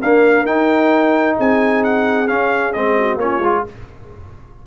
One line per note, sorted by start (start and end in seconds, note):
0.00 0.46 A#3
0.00 0.45 D4
0.00 1.36 A#4
0.00 0.46 F5
0.45 1.36 D#4
0.45 2.27 D#4
0.45 1.37 G5
1.36 2.30 C4
1.36 2.96 G#4
1.36 1.84 G#5
1.84 2.28 F#5
2.27 2.73 C#4
2.27 2.75 C#4
2.27 2.73 F5
2.73 3.16 G#3
2.73 3.20 C4
2.73 3.18 D#5
2.98 3.21 F#4
3.16 3.39 A#3
3.16 3.43 C#4
3.16 3.66 F4
3.16 3.64 C#5
3.39 3.62 G#3
3.39 3.66 F4